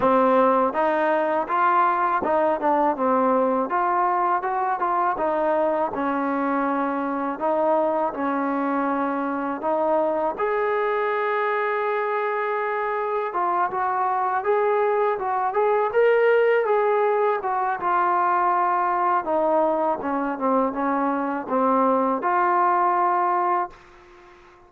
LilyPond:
\new Staff \with { instrumentName = "trombone" } { \time 4/4 \tempo 4 = 81 c'4 dis'4 f'4 dis'8 d'8 | c'4 f'4 fis'8 f'8 dis'4 | cis'2 dis'4 cis'4~ | cis'4 dis'4 gis'2~ |
gis'2 f'8 fis'4 gis'8~ | gis'8 fis'8 gis'8 ais'4 gis'4 fis'8 | f'2 dis'4 cis'8 c'8 | cis'4 c'4 f'2 | }